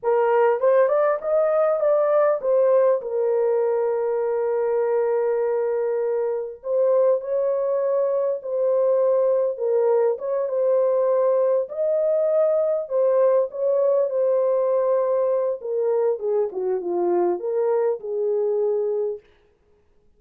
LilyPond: \new Staff \with { instrumentName = "horn" } { \time 4/4 \tempo 4 = 100 ais'4 c''8 d''8 dis''4 d''4 | c''4 ais'2.~ | ais'2. c''4 | cis''2 c''2 |
ais'4 cis''8 c''2 dis''8~ | dis''4. c''4 cis''4 c''8~ | c''2 ais'4 gis'8 fis'8 | f'4 ais'4 gis'2 | }